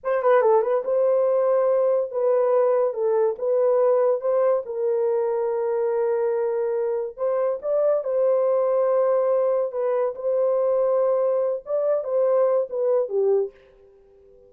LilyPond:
\new Staff \with { instrumentName = "horn" } { \time 4/4 \tempo 4 = 142 c''8 b'8 a'8 b'8 c''2~ | c''4 b'2 a'4 | b'2 c''4 ais'4~ | ais'1~ |
ais'4 c''4 d''4 c''4~ | c''2. b'4 | c''2.~ c''8 d''8~ | d''8 c''4. b'4 g'4 | }